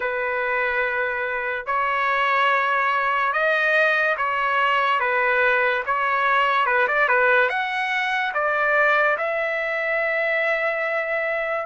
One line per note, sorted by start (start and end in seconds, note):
0.00 1.66 B4
1.66 3.32 C#5
3.33 4.16 D#5
4.17 5.00 C#5
5.00 5.83 B4
5.85 6.66 C#5
6.66 6.87 B4
6.87 7.08 D5
7.08 7.49 B4
7.49 8.32 F#5
8.33 9.17 D5
9.17 11.66 E5